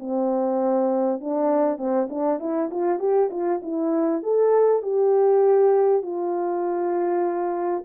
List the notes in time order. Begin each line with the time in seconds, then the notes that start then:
0.00 C4
1.21 D4
1.78 C4
2.10 D4
2.40 E4
2.71 F4
3.00 G4
3.31 F4
3.63 E4
4.23 A4
4.83 G4
6.03 F4